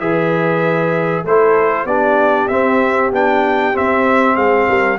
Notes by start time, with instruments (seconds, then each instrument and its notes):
0.00 tuba E3, trombone G#4, horn B4, trumpet E5
1.24 tuba A3, trombone E4, horn A4, trumpet C5
1.85 tuba B3, trombone D4, horn G4, trumpet D5
2.48 tuba C4, trombone C4, trumpet E5
3.12 tuba B3, trombone D4, trumpet G5
3.74 trombone C4, tuba C4, trumpet E5
4.36 tuba G#3, horn G#4, trumpet F5
4.69 tuba G3, horn A#4